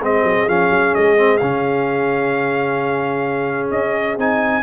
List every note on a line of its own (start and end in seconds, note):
0.00 0.23 G#3
0.00 0.49 C4
0.00 4.63 G#4
0.00 0.49 D#5
0.24 0.47 F#3
0.48 0.70 F3
0.48 1.17 C#4
0.48 0.95 F5
0.70 0.93 F#3
0.95 1.41 G#3
0.95 1.38 D#5
1.17 1.40 C4
1.38 3.72 C#3
1.38 4.19 C#4
1.38 3.69 F5
3.71 4.18 C#4
3.71 4.17 D#5
4.18 4.63 C4
4.18 4.63 D#4
4.18 4.63 G#5